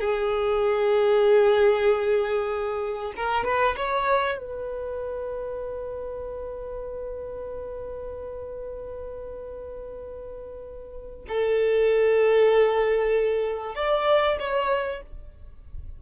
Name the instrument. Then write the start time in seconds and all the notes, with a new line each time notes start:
violin
0.00 G#4
3.16 A#4
3.44 B4
3.76 C#5
4.38 B4
11.28 A4
13.74 D5
14.39 C#5